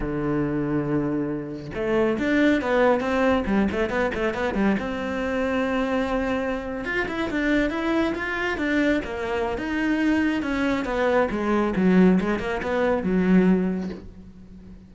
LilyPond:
\new Staff \with { instrumentName = "cello" } { \time 4/4 \tempo 4 = 138 d1 | a4 d'4 b4 c'4 | g8 a8 b8 a8 b8 g8 c'4~ | c'2.~ c'8. f'16~ |
f'16 e'8 d'4 e'4 f'4 d'16~ | d'8. ais4~ ais16 dis'2 | cis'4 b4 gis4 fis4 | gis8 ais8 b4 fis2 | }